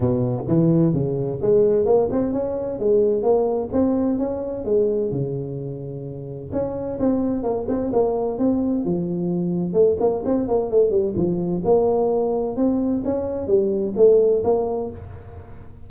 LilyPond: \new Staff \with { instrumentName = "tuba" } { \time 4/4 \tempo 4 = 129 b,4 e4 cis4 gis4 | ais8 c'8 cis'4 gis4 ais4 | c'4 cis'4 gis4 cis4~ | cis2 cis'4 c'4 |
ais8 c'8 ais4 c'4 f4~ | f4 a8 ais8 c'8 ais8 a8 g8 | f4 ais2 c'4 | cis'4 g4 a4 ais4 | }